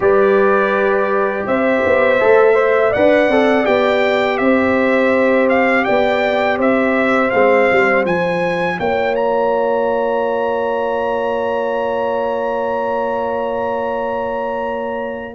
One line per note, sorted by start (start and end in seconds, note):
0.00 1.45 G3
0.00 2.18 G4
0.00 1.47 B4
0.00 1.46 D5
1.46 1.82 C4
1.46 2.55 C5
1.46 2.93 E5
1.85 2.21 B3
2.19 2.95 A3
2.19 2.54 A4
2.54 2.91 C5
2.54 2.90 E5
2.90 3.28 D4
2.90 3.31 B4
2.90 4.37 D5
2.90 3.65 F#5
3.28 3.65 C4
3.28 3.64 A4
3.64 4.39 B3
3.64 7.30 G4
3.64 4.37 G5
4.37 5.85 C4
4.37 5.85 C5
4.37 5.47 E5
5.49 5.84 F5
5.84 6.58 B3
5.84 6.57 D5
5.84 6.57 G5
6.57 7.31 C4
6.57 8.77 C5
6.57 7.30 E5
7.30 7.70 G#3
7.30 8.07 C4
7.30 8.03 F5
7.72 8.05 G3
8.05 8.78 F3
8.05 15.35 F4
8.05 8.79 G#5
8.78 15.35 A#3
8.78 15.35 C#5
8.78 9.15 G5
9.15 15.35 A#5